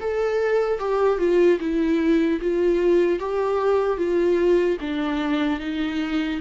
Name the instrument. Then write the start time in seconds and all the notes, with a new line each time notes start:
viola
0.00 A4
0.79 G4
1.19 F4
1.60 E4
2.41 F4
3.19 G4
3.97 F4
4.81 D4
5.60 D#4